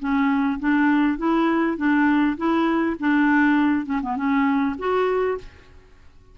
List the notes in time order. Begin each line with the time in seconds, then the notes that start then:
0.00 C#4
0.60 D4
1.18 E4
1.78 D4
2.37 E4
3.00 D4
3.86 C#4
4.02 B3
4.17 C#4
4.79 F#4